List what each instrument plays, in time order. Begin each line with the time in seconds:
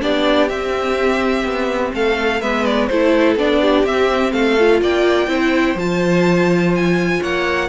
0.00 cello B3, viola D4, violin G4 D5
0.48 viola C4, cello C4, violin E5
1.44 cello B3
1.93 cello A3, violin A4 F5
2.41 cello G#3, viola B3, violin B4 E5
2.65 violin D5
2.87 cello A3, viola E4, violin A4 C5
3.35 cello B3, viola D4, violin D5
3.61 violin G4
3.83 cello C4, viola C4, violin E5
4.32 cello A3, violin A4 F5
4.58 viola F4
4.81 cello A#3, violin D5 G5
5.26 cello C4, viola E4, violin C5
5.75 cello F3, viola F4, violin A5
6.75 violin G#5
7.20 cello A#3, violin C#5 F#5